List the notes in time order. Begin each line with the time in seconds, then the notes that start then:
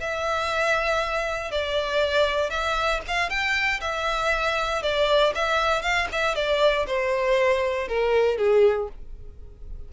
0.00 E5
1.51 D5
2.50 E5
3.07 F5
3.29 G5
3.81 E5
4.82 D5
5.35 E5
5.82 F5
6.12 E5
6.35 D5
6.86 C5
7.88 A#4
8.37 G#4